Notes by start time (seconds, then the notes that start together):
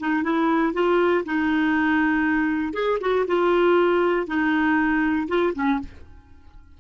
0.00 D#4
0.24 E4
0.74 F4
1.26 D#4
2.74 G#4
3.01 F#4
3.28 F4
4.27 D#4
5.28 F4
5.55 C#4